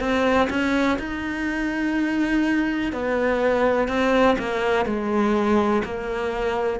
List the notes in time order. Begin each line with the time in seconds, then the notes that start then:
0.00 C4
0.50 C#4
0.99 D#4
2.93 B3
3.88 C4
4.39 A#3
4.86 G#3
5.84 A#3